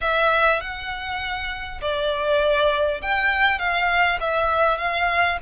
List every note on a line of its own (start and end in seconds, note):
0.01 0.60 E5
0.60 1.80 F#5
1.81 3.01 D5
3.02 3.58 G5
3.58 4.18 F5
4.20 4.78 E5
4.78 5.38 F5